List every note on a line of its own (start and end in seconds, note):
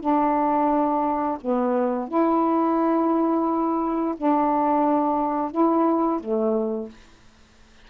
0.00 1.38 D4
1.40 2.08 B3
2.08 4.15 E4
4.17 5.51 D4
5.51 6.20 E4
6.20 6.89 A3